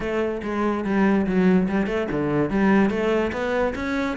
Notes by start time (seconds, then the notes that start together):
0.00 A3
0.42 G#3
0.84 G3
1.26 F#3
1.68 G3
1.86 A3
2.11 D3
2.49 G3
2.90 A3
3.32 B3
3.75 C#4